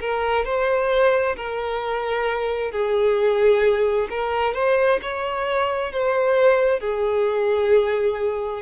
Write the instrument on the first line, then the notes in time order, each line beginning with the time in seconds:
violin
0.00 A#4
0.45 C5
1.36 A#4
2.71 G#4
4.10 A#4
4.54 C5
5.02 C#5
5.92 C5
6.80 G#4